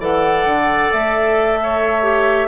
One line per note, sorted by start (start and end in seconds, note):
0.00 0.45 E3
0.00 2.03 A4
0.00 1.60 D5
0.00 0.93 F#5
0.45 0.91 D3
0.93 2.48 A3
0.93 2.48 E5
1.64 2.48 C#5
2.03 2.48 G4